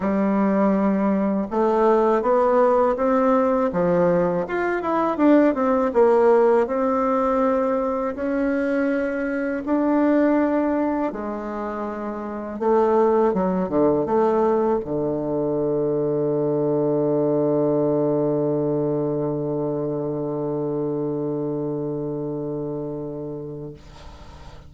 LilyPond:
\new Staff \with { instrumentName = "bassoon" } { \time 4/4 \tempo 4 = 81 g2 a4 b4 | c'4 f4 f'8 e'8 d'8 c'8 | ais4 c'2 cis'4~ | cis'4 d'2 gis4~ |
gis4 a4 fis8 d8 a4 | d1~ | d1~ | d1 | }